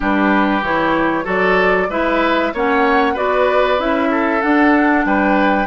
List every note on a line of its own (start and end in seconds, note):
0.00 0.62 G3
0.00 0.62 D4
0.00 1.24 G4
0.00 0.63 B4
0.62 1.25 E3
0.62 1.23 E4
0.62 1.26 C#5
1.23 1.89 F#3
1.23 1.86 F#4
1.23 1.87 A4
1.23 1.90 D5
1.89 2.52 G#3
1.89 2.54 E4
1.89 2.53 B4
1.89 2.53 E5
2.53 3.16 A#3
2.53 3.15 C#4
2.53 3.13 C#5
2.53 3.16 F#5
3.13 3.78 B3
3.13 3.78 F#4
3.13 4.08 B4
3.13 3.79 D5
3.78 4.42 C#4
3.78 4.41 E4
3.78 4.41 E5
4.10 5.05 A4
4.41 5.66 D4
4.41 5.05 D4
4.41 5.04 F#5
5.05 5.66 G3
5.05 5.66 B4
5.05 5.66 G5